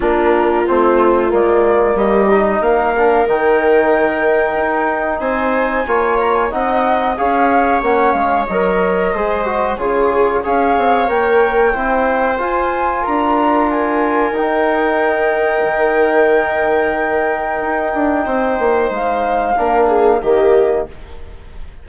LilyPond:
<<
  \new Staff \with { instrumentName = "flute" } { \time 4/4 \tempo 4 = 92 ais'4 c''4 d''4 dis''4 | f''4 g''2. | gis''4. ais''16 gis''16 fis''4 f''4 | fis''8 f''8 dis''2 cis''4 |
f''4 g''2 gis''4 | ais''4 gis''4 g''2~ | g''1~ | g''4 f''2 dis''4 | }
  \new Staff \with { instrumentName = "viola" } { \time 4/4 f'2. g'4 | ais'1 | c''4 cis''4 dis''4 cis''4~ | cis''2 c''4 gis'4 |
cis''2 c''2 | ais'1~ | ais'1 | c''2 ais'8 gis'8 g'4 | }
  \new Staff \with { instrumentName = "trombone" } { \time 4/4 d'4 c'4 ais4. dis'8~ | dis'8 d'8 dis'2.~ | dis'4 f'4 dis'4 gis'4 | cis'4 ais'4 gis'8 fis'8 f'4 |
gis'4 ais'4 e'4 f'4~ | f'2 dis'2~ | dis'1~ | dis'2 d'4 ais4 | }
  \new Staff \with { instrumentName = "bassoon" } { \time 4/4 ais4 a4 gis4 g4 | ais4 dis2 dis'4 | c'4 ais4 c'4 cis'4 | ais8 gis8 fis4 gis4 cis4 |
cis'8 c'8 ais4 c'4 f'4 | d'2 dis'2 | dis2. dis'8 d'8 | c'8 ais8 gis4 ais4 dis4 | }
>>